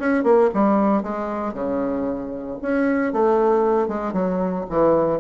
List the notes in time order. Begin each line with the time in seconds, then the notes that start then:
0.00 C#4
0.24 A#3
0.55 G3
1.03 G#3
1.54 C#3
2.63 C#4
3.14 A3
3.89 G#3
4.13 F#3
4.70 E3